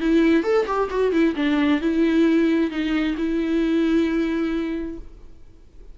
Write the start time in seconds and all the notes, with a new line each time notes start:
0.00 E4
0.43 A4
0.66 G4
0.90 F#4
1.12 E4
1.36 D4
1.80 E4
2.70 D#4
3.17 E4